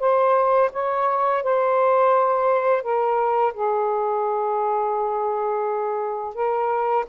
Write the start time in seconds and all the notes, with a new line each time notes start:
0.00 C5
0.73 C#5
1.44 C5
2.83 A#4
3.54 G#4
6.35 A#4